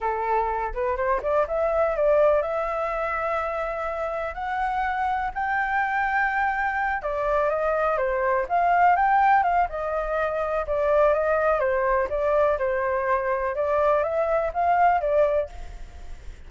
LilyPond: \new Staff \with { instrumentName = "flute" } { \time 4/4 \tempo 4 = 124 a'4. b'8 c''8 d''8 e''4 | d''4 e''2.~ | e''4 fis''2 g''4~ | g''2~ g''8 d''4 dis''8~ |
dis''8 c''4 f''4 g''4 f''8 | dis''2 d''4 dis''4 | c''4 d''4 c''2 | d''4 e''4 f''4 d''4 | }